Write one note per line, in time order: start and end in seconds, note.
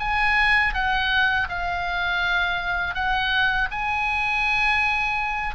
0.00 0.74 G#5
0.74 1.48 F#5
1.49 2.95 F5
2.95 3.69 F#5
3.71 5.56 G#5